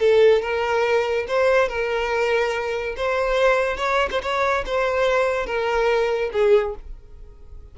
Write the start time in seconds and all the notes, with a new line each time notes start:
0.00 A4
0.42 A#4
1.28 C5
1.69 A#4
2.97 C5
3.78 C#5
4.11 C5
4.23 C#5
4.66 C5
5.47 A#4
6.33 G#4